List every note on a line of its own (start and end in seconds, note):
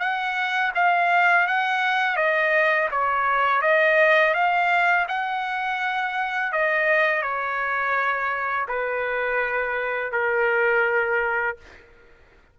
0.00 0.72 F#5
0.75 1.48 F5
1.48 2.17 F#5
2.17 2.89 D#5
2.92 3.62 C#5
3.62 4.34 D#5
4.34 5.07 F5
5.08 6.53 F#5
6.53 7.22 D#5
7.22 8.67 C#5
8.68 10.12 B4
10.12 11.57 A#4